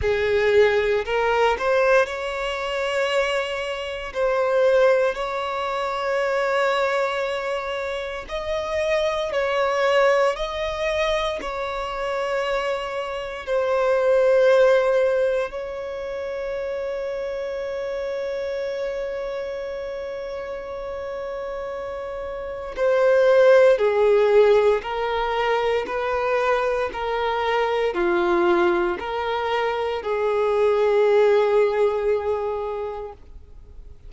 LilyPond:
\new Staff \with { instrumentName = "violin" } { \time 4/4 \tempo 4 = 58 gis'4 ais'8 c''8 cis''2 | c''4 cis''2. | dis''4 cis''4 dis''4 cis''4~ | cis''4 c''2 cis''4~ |
cis''1~ | cis''2 c''4 gis'4 | ais'4 b'4 ais'4 f'4 | ais'4 gis'2. | }